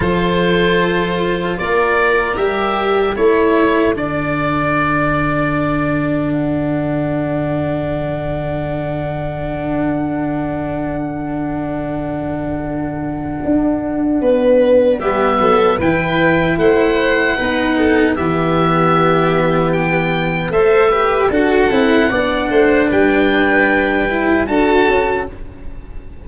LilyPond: <<
  \new Staff \with { instrumentName = "oboe" } { \time 4/4 \tempo 4 = 76 c''2 d''4 e''4 | cis''4 d''2. | fis''1~ | fis''1~ |
fis''2. e''4 | g''4 fis''2 e''4~ | e''4 g''4 e''4 fis''4~ | fis''4 g''2 a''4 | }
  \new Staff \with { instrumentName = "violin" } { \time 4/4 a'2 ais'2 | a'1~ | a'1~ | a'1~ |
a'2 b'4 g'8 a'8 | b'4 c''4 b'8 a'8 g'4~ | g'2 c''8 b'8 a'4 | d''8 c''8 b'2 a'4 | }
  \new Staff \with { instrumentName = "cello" } { \time 4/4 f'2. g'4 | e'4 d'2.~ | d'1~ | d'1~ |
d'2. b4 | e'2 dis'4 b4~ | b2 a'8 g'8 fis'8 e'8 | d'2~ d'8 e'8 fis'4 | }
  \new Staff \with { instrumentName = "tuba" } { \time 4/4 f2 ais4 g4 | a4 d2.~ | d1~ | d1~ |
d4 d'4 b4 g8 fis8 | e4 a4 b4 e4~ | e2 a4 d'8 c'8 | b8 a8 g2 d'8 cis'8 | }
>>